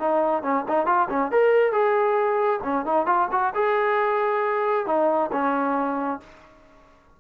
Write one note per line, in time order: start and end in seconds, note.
0.00 0.43 D#4
0.43 0.65 C#4
0.69 0.87 D#4
0.87 1.09 F4
1.10 1.32 C#4
1.32 1.73 A#4
1.73 2.61 G#4
2.64 2.86 C#4
2.86 3.07 D#4
3.07 3.29 F4
3.32 3.54 F#4
3.55 4.87 G#4
4.87 5.31 D#4
5.33 6.21 C#4